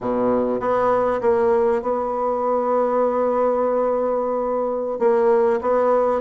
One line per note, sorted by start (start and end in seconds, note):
0.00 0.60 B2
0.60 1.20 B3
1.21 1.82 A#3
1.82 4.99 B3
4.99 5.60 A#3
5.61 6.21 B3